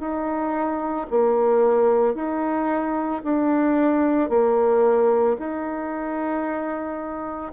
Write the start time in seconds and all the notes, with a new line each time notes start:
0.00 D#4
1.11 A#3
2.15 D#4
3.24 D4
4.30 A#3
5.40 D#4